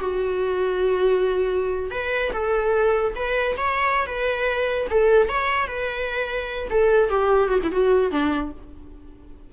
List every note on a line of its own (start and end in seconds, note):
0.00 1.91 F#4
1.91 2.31 B4
2.33 3.14 A4
3.15 3.56 B4
3.57 4.06 C#5
4.06 4.87 B4
4.90 5.29 A4
5.29 5.67 C#5
5.67 6.68 B4
6.70 7.10 A4
7.10 7.49 G4
7.49 7.59 F#4
7.63 7.72 E4
7.72 8.11 F#4
8.11 8.52 D4